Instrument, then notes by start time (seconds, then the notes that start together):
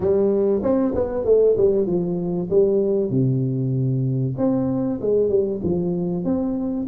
tuba
0.00 G3
0.62 C4
0.94 B3
1.24 A3
1.57 G3
1.86 F3
2.50 G3
3.10 C3
4.37 C4
5.01 G#3
5.29 G3
5.63 F3
6.24 C4